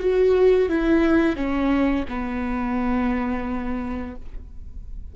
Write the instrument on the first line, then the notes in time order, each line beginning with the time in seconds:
viola
0.00 F#4
0.69 E4
1.36 C#4
2.09 B3